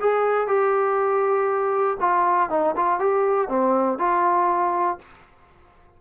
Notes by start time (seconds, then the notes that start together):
0.00 G#4
0.47 G4
2.00 F4
2.50 D#4
2.76 F4
2.99 G4
3.48 C4
3.99 F4